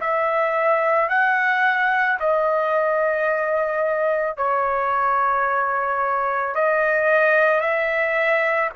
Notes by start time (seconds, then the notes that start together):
0.00 E5
1.09 F#5
2.20 D#5
4.36 C#5
6.55 D#5
7.60 E5